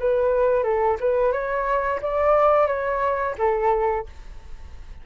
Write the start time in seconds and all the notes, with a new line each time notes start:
0.00 B4
0.64 A4
1.00 B4
1.32 C#5
2.02 D5
2.67 C#5
3.38 A4